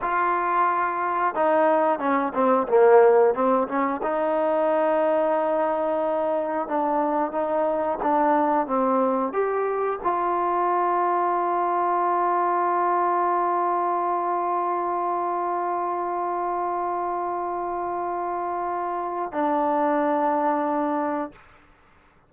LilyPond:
\new Staff \with { instrumentName = "trombone" } { \time 4/4 \tempo 4 = 90 f'2 dis'4 cis'8 c'8 | ais4 c'8 cis'8 dis'2~ | dis'2 d'4 dis'4 | d'4 c'4 g'4 f'4~ |
f'1~ | f'1~ | f'1~ | f'4 d'2. | }